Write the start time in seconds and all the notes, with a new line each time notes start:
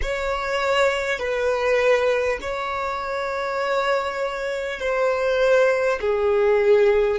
0.02 C#5
1.18 B4
2.41 C#5
4.79 C5
6.00 G#4